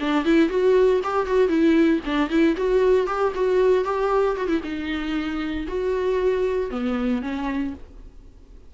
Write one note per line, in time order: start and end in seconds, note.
0.00 0.25 D4
0.25 0.49 E4
0.49 1.01 F#4
1.03 1.26 G4
1.26 1.48 F#4
1.48 2.00 E4
2.05 2.30 D4
2.30 2.56 E4
2.57 3.07 F#4
3.07 3.33 G4
3.35 3.84 F#4
3.84 4.36 G4
4.37 4.48 F#4
4.48 4.61 E4
4.63 5.67 D#4
5.68 6.70 F#4
6.70 7.22 B3
7.22 7.74 C#4